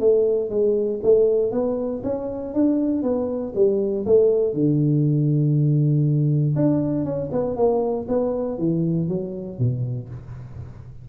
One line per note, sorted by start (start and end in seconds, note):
0.00 0.50 A3
0.50 1.00 G#3
1.03 1.52 A3
1.52 2.02 B3
2.04 2.54 C#4
2.54 3.03 D4
3.03 3.53 B3
3.55 4.06 G3
4.06 4.54 A3
4.54 6.55 D3
6.56 7.05 D4
7.05 7.30 C#4
7.32 7.56 B3
7.56 8.07 A#3
8.08 8.58 B3
8.58 9.08 E3
9.08 9.59 F#3
9.59 10.09 B2